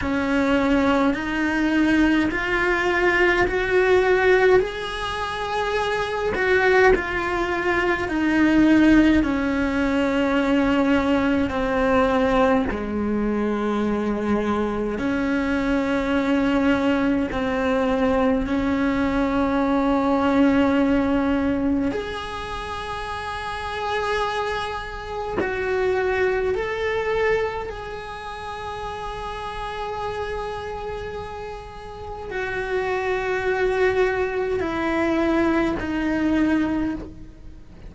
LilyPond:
\new Staff \with { instrumentName = "cello" } { \time 4/4 \tempo 4 = 52 cis'4 dis'4 f'4 fis'4 | gis'4. fis'8 f'4 dis'4 | cis'2 c'4 gis4~ | gis4 cis'2 c'4 |
cis'2. gis'4~ | gis'2 fis'4 a'4 | gis'1 | fis'2 e'4 dis'4 | }